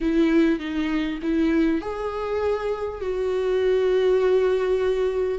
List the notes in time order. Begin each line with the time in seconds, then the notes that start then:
0.00 E4
0.59 D#4
1.22 E4
1.81 G#4
3.00 F#4